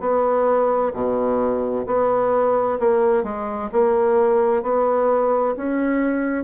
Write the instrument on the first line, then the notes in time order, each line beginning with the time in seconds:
bassoon
0.00 B3
0.93 B2
1.86 B3
2.79 A#3
3.23 G#3
3.72 A#3
4.62 B3
5.56 C#4